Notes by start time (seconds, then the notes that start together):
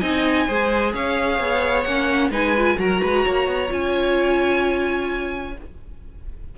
0.00 C4 D#4 D#5 G#5
0.47 G#3 G#4 C5
0.93 C#4 C#5 F5
1.39 B3
1.83 A#3 C#4 F#5
2.30 G#3 D#4 B4 G#5
2.57 F4
2.78 F#3 F#4 A#4 A#5
3.01 G#3 B4
3.25 A#3 C#5
3.47 B3
3.67 C#4 F4 G#5